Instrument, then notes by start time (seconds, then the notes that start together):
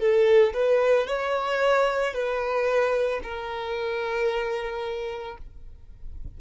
violin
0.00 A4
0.54 B4
1.07 C#5
2.14 B4
3.23 A#4